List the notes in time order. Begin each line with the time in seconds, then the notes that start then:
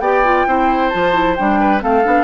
0.00 B3 G4 D5 G5
0.25 F4
0.47 C4 E4 C5
0.90 F3 F4 A5
1.13 E4
1.36 G3 D4 G5
1.60 B4
1.80 A3 C4 A4 F5
2.04 B3 D4